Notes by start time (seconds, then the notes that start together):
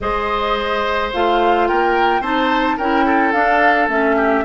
0.00 G#3 G#4 C5 D#5
1.12 A3 F4 F5
1.67 A#3 A#4 G5
2.20 C4 D#4 C5 A5
2.77 C#4 E4 A#4 G5
3.05 A4
3.32 D4 F5
3.88 A3 C#4 E5
4.16 G4